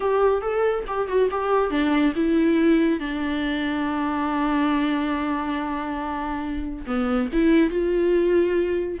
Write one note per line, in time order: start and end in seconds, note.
0.00 0.41 G4
0.41 0.84 A4
0.87 1.08 G4
1.08 1.29 F#4
1.31 1.70 G4
1.70 2.13 D4
2.15 2.99 E4
2.99 6.85 D4
6.86 7.29 B3
7.32 7.70 E4
7.70 8.98 F4